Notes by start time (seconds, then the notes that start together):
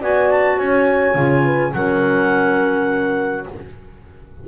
0.00 B3 F#4 D5 G#5
0.31 A5
0.57 C#4 C#5 G#5
1.15 C#3 F4
1.45 B4
1.72 F#3 C#4 A#4 F#5